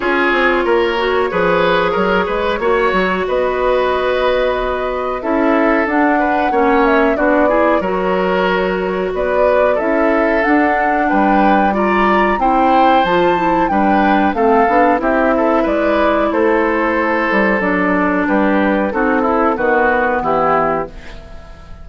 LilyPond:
<<
  \new Staff \with { instrumentName = "flute" } { \time 4/4 \tempo 4 = 92 cis''1~ | cis''4 dis''2. | e''4 fis''4. e''8 d''4 | cis''2 d''4 e''4 |
fis''4 g''4 ais''4 g''4 | a''4 g''4 f''4 e''4 | d''4 c''2 d''4 | b'4 a'4 b'4 g'4 | }
  \new Staff \with { instrumentName = "oboe" } { \time 4/4 gis'4 ais'4 b'4 ais'8 b'8 | cis''4 b'2. | a'4. b'8 cis''4 fis'8 gis'8 | ais'2 b'4 a'4~ |
a'4 b'4 d''4 c''4~ | c''4 b'4 a'4 g'8 a'8 | b'4 a'2. | g'4 fis'8 e'8 fis'4 e'4 | }
  \new Staff \with { instrumentName = "clarinet" } { \time 4/4 f'4. fis'8 gis'2 | fis'1 | e'4 d'4 cis'4 d'8 e'8 | fis'2. e'4 |
d'2 f'4 e'4 | f'8 e'8 d'4 c'8 d'8 e'4~ | e'2. d'4~ | d'4 dis'8 e'8 b2 | }
  \new Staff \with { instrumentName = "bassoon" } { \time 4/4 cis'8 c'8 ais4 f4 fis8 gis8 | ais8 fis8 b2. | cis'4 d'4 ais4 b4 | fis2 b4 cis'4 |
d'4 g2 c'4 | f4 g4 a8 b8 c'4 | gis4 a4. g8 fis4 | g4 c'4 dis4 e4 | }
>>